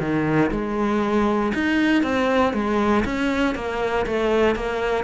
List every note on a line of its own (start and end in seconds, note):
0.00 0.51 D#3
0.51 1.53 G#3
1.54 2.03 D#4
2.03 2.54 C4
2.54 3.05 G#3
3.05 3.55 C#4
3.55 4.06 A#3
4.07 4.56 A3
4.56 5.04 A#3